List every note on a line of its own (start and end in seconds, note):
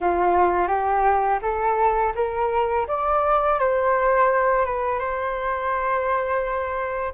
0.00 0.67 F4
0.67 1.39 G4
1.42 2.13 A4
2.15 2.86 A#4
2.87 3.59 D5
3.59 4.65 C5
4.65 4.99 B4
4.99 7.13 C5